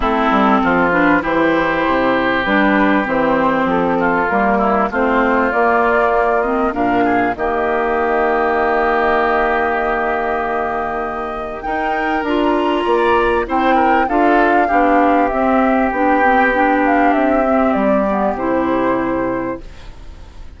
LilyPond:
<<
  \new Staff \with { instrumentName = "flute" } { \time 4/4 \tempo 4 = 98 a'4. b'8 c''2 | b'4 c''4 a'4 ais'4 | c''4 d''4. dis''8 f''4 | dis''1~ |
dis''2. g''4 | ais''2 g''4 f''4~ | f''4 e''4 g''4. f''8 | e''4 d''4 c''2 | }
  \new Staff \with { instrumentName = "oboe" } { \time 4/4 e'4 f'4 g'2~ | g'2~ g'8 f'4 e'8 | f'2. ais'8 gis'8 | g'1~ |
g'2. ais'4~ | ais'4 d''4 c''8 ais'8 a'4 | g'1~ | g'1 | }
  \new Staff \with { instrumentName = "clarinet" } { \time 4/4 c'4. d'8 e'2 | d'4 c'2 ais4 | c'4 ais4. c'8 d'4 | ais1~ |
ais2. dis'4 | f'2 e'4 f'4 | d'4 c'4 d'8 c'8 d'4~ | d'8 c'4 b8 e'2 | }
  \new Staff \with { instrumentName = "bassoon" } { \time 4/4 a8 g8 f4 e4 c4 | g4 e4 f4 g4 | a4 ais2 ais,4 | dis1~ |
dis2. dis'4 | d'4 ais4 c'4 d'4 | b4 c'4 b2 | c'4 g4 c2 | }
>>